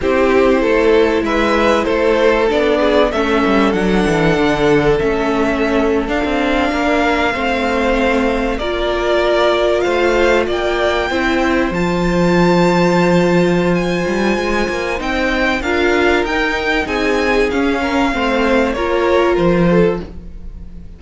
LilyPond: <<
  \new Staff \with { instrumentName = "violin" } { \time 4/4 \tempo 4 = 96 c''2 e''4 c''4 | d''4 e''4 fis''2 | e''4.~ e''16 f''2~ f''16~ | f''4.~ f''16 d''2 f''16~ |
f''8. g''2 a''4~ a''16~ | a''2 gis''2 | g''4 f''4 g''4 gis''4 | f''2 cis''4 c''4 | }
  \new Staff \with { instrumentName = "violin" } { \time 4/4 g'4 a'4 b'4 a'4~ | a'8 gis'8 a'2.~ | a'2~ a'8. ais'4 c''16~ | c''4.~ c''16 ais'2 c''16~ |
c''8. d''4 c''2~ c''16~ | c''1~ | c''4 ais'2 gis'4~ | gis'8 ais'8 c''4 ais'4. a'8 | }
  \new Staff \with { instrumentName = "viola" } { \time 4/4 e'1 | d'4 cis'4 d'2 | cis'4.~ cis'16 d'2 c'16~ | c'4.~ c'16 f'2~ f'16~ |
f'4.~ f'16 e'4 f'4~ f'16~ | f'1 | dis'4 f'4 dis'2 | cis'4 c'4 f'2 | }
  \new Staff \with { instrumentName = "cello" } { \time 4/4 c'4 a4 gis4 a4 | b4 a8 g8 fis8 e8 d4 | a4.~ a16 d'16 c'8. ais4 a16~ | a4.~ a16 ais2 a16~ |
a8. ais4 c'4 f4~ f16~ | f2~ f8 g8 gis8 ais8 | c'4 d'4 dis'4 c'4 | cis'4 a4 ais4 f4 | }
>>